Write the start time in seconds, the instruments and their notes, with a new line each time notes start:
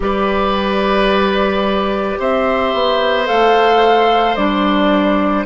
0.00 bassoon G3, clarinet G4, oboe B4, flute D5
2.19 bassoon C4, oboe C5, flute E5
2.73 bassoon B3
3.25 bassoon A3, clarinet A4, flute F5
4.35 bassoon G3, clarinet D4, flute D5